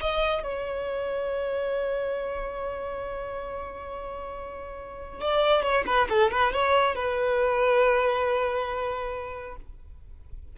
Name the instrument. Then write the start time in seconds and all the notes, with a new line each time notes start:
violin
0.00 D#5
0.43 C#5
5.20 D5
5.62 C#5
5.86 B4
6.09 A4
6.31 B4
6.52 C#5
6.95 B4